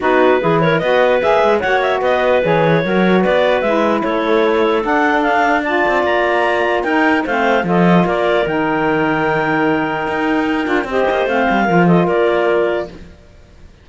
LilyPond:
<<
  \new Staff \with { instrumentName = "clarinet" } { \time 4/4 \tempo 4 = 149 b'4. cis''8 dis''4 e''4 | fis''8 e''8 dis''4 cis''2 | d''4 e''4 cis''2 | fis''4 f''4 a''4 ais''4~ |
ais''4 g''4 f''4 dis''4 | d''4 g''2.~ | g''2. dis''4 | f''4. dis''8 d''2 | }
  \new Staff \with { instrumentName = "clarinet" } { \time 4/4 fis'4 gis'8 ais'8 b'2 | cis''4 b'2 ais'4 | b'2 a'2~ | a'2 d''2~ |
d''4 ais'4 c''4 a'4 | ais'1~ | ais'2. c''4~ | c''4 ais'8 a'8 ais'2 | }
  \new Staff \with { instrumentName = "saxophone" } { \time 4/4 dis'4 e'4 fis'4 gis'4 | fis'2 gis'4 fis'4~ | fis'4 e'2. | d'2 f'2~ |
f'4 dis'4 c'4 f'4~ | f'4 dis'2.~ | dis'2~ dis'8 f'8 g'4 | c'4 f'2. | }
  \new Staff \with { instrumentName = "cello" } { \time 4/4 b4 e4 b4 ais8 gis8 | ais4 b4 e4 fis4 | b4 gis4 a2 | d'2~ d'8 c'8 ais4~ |
ais4 dis'4 a4 f4 | ais4 dis2.~ | dis4 dis'4. d'8 c'8 ais8 | a8 g8 f4 ais2 | }
>>